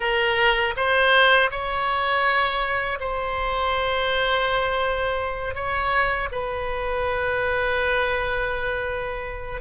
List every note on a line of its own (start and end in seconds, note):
0.00 0.74 A#4
0.76 1.50 C5
1.50 2.98 C#5
3.00 5.55 C5
5.55 6.29 C#5
6.31 9.61 B4